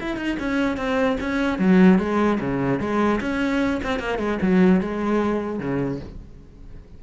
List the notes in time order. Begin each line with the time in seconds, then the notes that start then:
0.00 E4
0.16 D#4
0.39 C#4
0.77 C4
1.20 C#4
1.58 F#3
1.98 G#3
2.40 C#3
2.79 G#3
3.20 C#4
3.83 C4
3.99 A#3
4.18 G#3
4.42 F#3
4.80 G#3
5.59 C#3